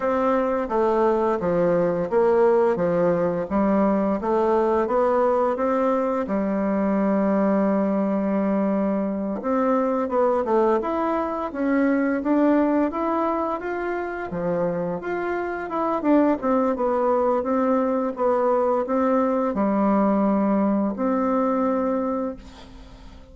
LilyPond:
\new Staff \with { instrumentName = "bassoon" } { \time 4/4 \tempo 4 = 86 c'4 a4 f4 ais4 | f4 g4 a4 b4 | c'4 g2.~ | g4. c'4 b8 a8 e'8~ |
e'8 cis'4 d'4 e'4 f'8~ | f'8 f4 f'4 e'8 d'8 c'8 | b4 c'4 b4 c'4 | g2 c'2 | }